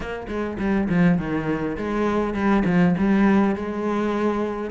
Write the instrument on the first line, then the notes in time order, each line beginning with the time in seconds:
cello
0.00 A#3
0.28 G#3
0.59 G3
0.89 F3
1.17 D#3
1.77 G#3
2.33 G3
2.65 F3
2.98 G3
3.55 G#3